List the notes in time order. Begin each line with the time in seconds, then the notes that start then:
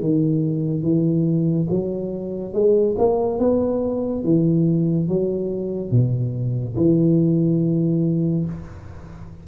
0.00 D#3
0.83 E3
1.70 F#3
2.54 G#3
2.98 A#3
3.39 B3
4.24 E3
5.08 F#3
5.91 B2
6.77 E3